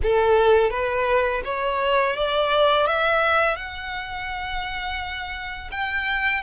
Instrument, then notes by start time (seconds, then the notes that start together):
violin
0.02 A4
0.70 B4
1.44 C#5
2.16 D5
2.86 E5
3.56 F#5
5.71 G5